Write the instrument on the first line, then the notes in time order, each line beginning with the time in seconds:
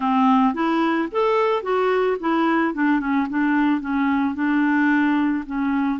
clarinet
0.00 C4
0.53 E4
1.11 A4
1.62 F#4
2.20 E4
2.74 D4
3.00 C#4
3.29 D4
3.81 C#4
4.35 D4
5.46 C#4